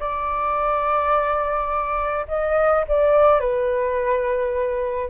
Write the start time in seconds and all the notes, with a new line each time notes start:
0.00 D5
2.28 D#5
2.88 D5
3.40 B4